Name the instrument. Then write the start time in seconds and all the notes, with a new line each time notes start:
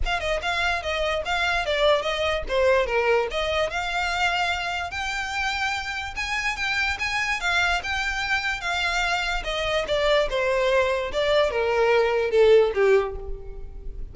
violin
0.05 F5
0.20 D#5
0.41 F5
0.82 D#5
1.25 F5
1.65 D5
2.02 D#5
2.48 C5
2.86 A#4
3.30 D#5
3.69 F5
4.91 G5
6.16 G#5
6.56 G5
6.99 G#5
7.40 F5
7.83 G5
8.60 F5
9.44 D#5
9.87 D5
10.29 C5
11.12 D5
11.50 A#4
12.30 A4
12.74 G4